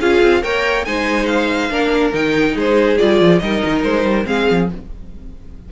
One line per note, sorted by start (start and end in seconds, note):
0.00 0.22 C#4
0.00 0.42 F4
0.00 0.43 G#4
0.00 0.43 F5
0.22 0.43 C4
0.42 0.86 A#3
0.42 0.85 A#4
0.42 0.86 C#5
0.42 0.85 G5
0.85 1.70 G#3
0.85 1.70 D#4
0.85 1.72 C5
0.85 1.26 G#5
1.26 2.11 F5
1.70 2.12 A#3
1.70 2.13 D4
1.70 2.55 A#4
2.13 2.56 D#3
2.13 2.98 D#4
2.13 2.57 G5
2.55 2.99 G#3
2.55 3.40 G#4
2.55 2.98 C5
2.98 3.20 G3
2.98 3.41 F4
2.98 3.39 D5
3.20 3.41 F3
3.39 3.63 G3
3.39 4.25 D#4
3.39 4.27 A#4
3.39 3.82 D#5
3.64 3.84 D#3
3.84 4.04 G#3
3.84 4.26 C5
4.04 4.26 G3
4.25 4.48 G#3
4.25 4.67 C4
4.25 4.70 G#4
4.25 4.69 F5
4.51 4.72 F3